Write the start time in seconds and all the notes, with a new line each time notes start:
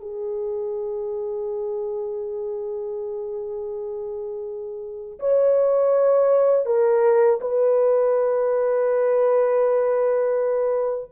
0.00 G#4
5.19 C#5
6.66 A#4
7.40 B4